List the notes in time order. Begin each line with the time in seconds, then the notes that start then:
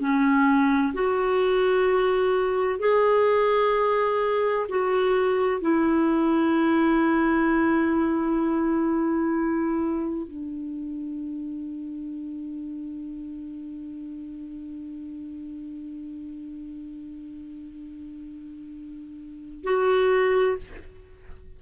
0.00 C#4
0.94 F#4
2.80 G#4
4.69 F#4
5.62 E4
10.28 D4
19.64 F#4